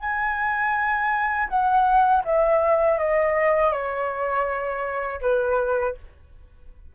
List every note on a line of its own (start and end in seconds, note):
0.00 1.48 G#5
1.49 2.23 F#5
2.24 2.98 E5
2.98 3.72 D#5
3.72 5.21 C#5
5.21 5.95 B4